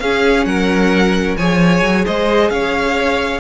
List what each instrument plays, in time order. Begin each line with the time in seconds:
0.00 cello C#4, viola C#4, violin G#4 F5
0.45 cello F#3, violin A#4 F#5
1.37 cello F3, viola G#4, violin C#5 G#5
1.83 cello F#3
2.05 cello G#3, violin C5 D#5
2.50 cello C#4, violin C#5 F5